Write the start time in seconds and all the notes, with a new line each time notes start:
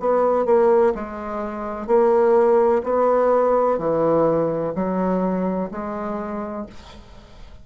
0.00 B3
0.46 A#3
0.95 G#3
1.87 A#3
2.84 B3
3.79 E3
4.75 F#3
5.71 G#3